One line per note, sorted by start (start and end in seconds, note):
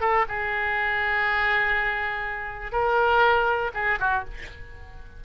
0.00 0.25 A4
0.28 2.72 G#4
2.72 3.71 A#4
3.74 3.98 G#4
3.99 4.24 F#4